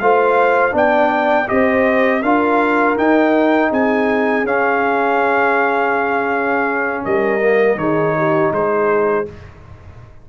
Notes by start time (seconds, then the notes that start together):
0.00 A3 F4 C5 F5
0.72 B3 D4 D5 G5
1.47 C4 G4 C5 D#5
2.22 D4 F4 A#4 F5
2.97 D#4 G5
3.71 C4 G#4 G#5
4.44 C#4 F5
7.04 G3 A#4 D#5
7.41 A#3
7.76 D#3 D#4 G#4 C#5
8.18 G4
8.51 G#3 G#4 C5